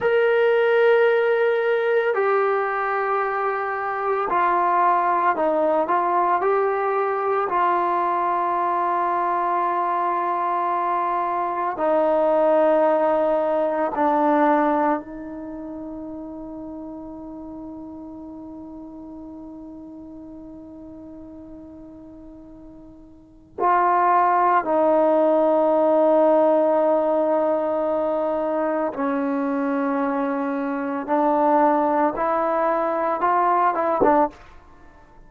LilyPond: \new Staff \with { instrumentName = "trombone" } { \time 4/4 \tempo 4 = 56 ais'2 g'2 | f'4 dis'8 f'8 g'4 f'4~ | f'2. dis'4~ | dis'4 d'4 dis'2~ |
dis'1~ | dis'2 f'4 dis'4~ | dis'2. cis'4~ | cis'4 d'4 e'4 f'8 e'16 d'16 | }